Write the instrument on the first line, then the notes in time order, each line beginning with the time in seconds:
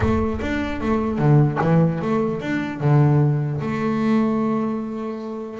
double bass
0.00 A3
0.41 D4
0.81 A3
1.18 D3
1.61 E3
2.01 A3
2.41 D4
2.80 D3
3.60 A3